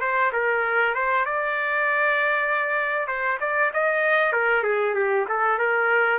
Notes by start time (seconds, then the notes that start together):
0.00 C5
0.32 A#4
0.94 C5
1.25 D5
3.07 C5
3.40 D5
3.73 D#5
4.32 A#4
4.63 G#4
4.94 G4
5.28 A4
5.58 A#4